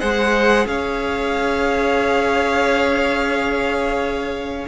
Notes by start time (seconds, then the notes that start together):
0.00 G#3 G#4 C5 F#5
0.66 C#4 C#5 F5